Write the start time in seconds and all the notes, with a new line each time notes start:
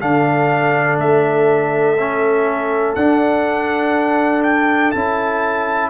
0.00 D3 D4 A4 F5
0.98 A3 E5
1.99 C#4
2.95 D4 F#5
4.43 G5
4.91 C#4 E4 A5